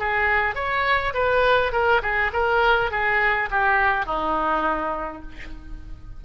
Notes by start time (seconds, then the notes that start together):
0.00 G#4
0.56 C#5
1.14 B4
1.73 A#4
2.03 G#4
2.33 A#4
2.92 G#4
3.51 G4
4.06 D#4